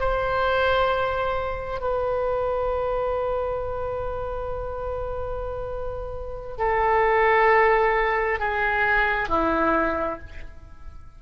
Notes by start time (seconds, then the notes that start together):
0.00 C5
1.81 B4
6.58 A4
8.40 G#4
9.29 E4